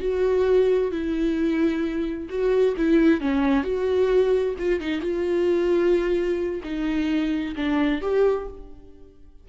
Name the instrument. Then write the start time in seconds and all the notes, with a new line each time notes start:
viola
0.00 F#4
0.92 E4
2.29 F#4
2.77 E4
3.21 C#4
3.64 F#4
4.59 F4
4.81 D#4
5.02 F4
6.64 D#4
7.56 D4
8.02 G4